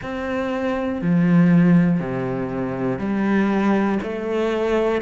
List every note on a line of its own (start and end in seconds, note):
0.02 1.01 C4
1.01 2.00 F3
2.00 2.99 C3
2.99 3.99 G3
4.03 5.01 A3